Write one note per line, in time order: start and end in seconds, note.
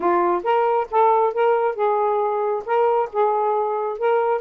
0.00 0.43 F4
0.43 0.87 A#4
0.90 1.33 A4
1.33 1.75 A#4
1.75 2.63 G#4
2.65 3.09 A#4
3.12 3.98 G#4
3.98 4.41 A#4